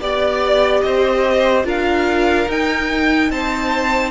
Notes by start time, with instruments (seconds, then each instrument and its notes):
0.00 cello B3, viola G4, violin D5
0.81 cello C4, violin C5 D#5
1.64 cello D4, viola F4, violin A#4 F5
2.48 cello D#4, viola D#4, violin G5
3.30 cello C4, violin C5 A5